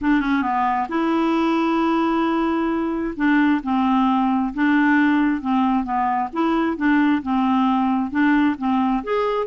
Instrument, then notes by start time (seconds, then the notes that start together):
clarinet
0.01 D4
0.20 C#4
0.42 B3
0.89 E4
3.16 D4
3.63 C4
4.54 D4
5.41 C4
5.83 B3
6.32 E4
6.76 D4
7.22 C4
8.10 D4
8.58 C4
9.03 G#4